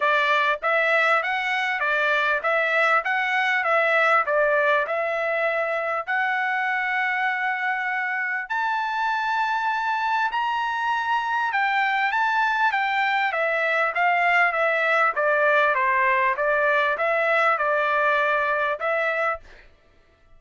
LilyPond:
\new Staff \with { instrumentName = "trumpet" } { \time 4/4 \tempo 4 = 99 d''4 e''4 fis''4 d''4 | e''4 fis''4 e''4 d''4 | e''2 fis''2~ | fis''2 a''2~ |
a''4 ais''2 g''4 | a''4 g''4 e''4 f''4 | e''4 d''4 c''4 d''4 | e''4 d''2 e''4 | }